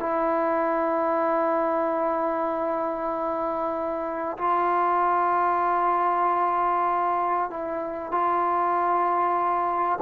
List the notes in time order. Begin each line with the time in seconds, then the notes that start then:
0.00 E4
4.38 F4
7.50 E4
8.12 F4